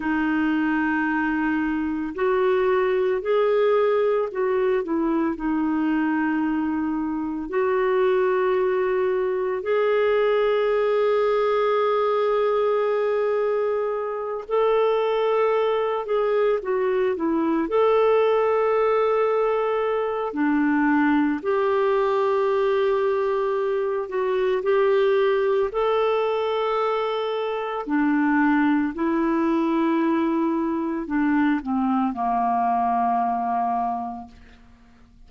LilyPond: \new Staff \with { instrumentName = "clarinet" } { \time 4/4 \tempo 4 = 56 dis'2 fis'4 gis'4 | fis'8 e'8 dis'2 fis'4~ | fis'4 gis'2.~ | gis'4. a'4. gis'8 fis'8 |
e'8 a'2~ a'8 d'4 | g'2~ g'8 fis'8 g'4 | a'2 d'4 e'4~ | e'4 d'8 c'8 ais2 | }